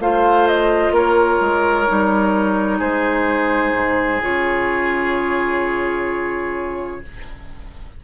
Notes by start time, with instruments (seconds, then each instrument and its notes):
0.00 bassoon A3, clarinet F4, oboe C5, flute F5
0.48 flute D#5
0.92 bassoon A#3, oboe A#4, flute C#5
1.41 bassoon G#3
1.87 bassoon G3, clarinet D#4
2.79 bassoon G#3, oboe G#4, flute C5
3.74 bassoon G#2
4.22 bassoon C#3, clarinet F4, flute C#5